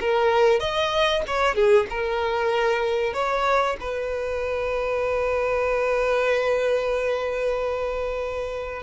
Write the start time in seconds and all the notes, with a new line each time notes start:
0.00 A#4
0.59 D#5
1.27 C#5
1.55 G#4
1.90 A#4
3.13 C#5
3.80 B4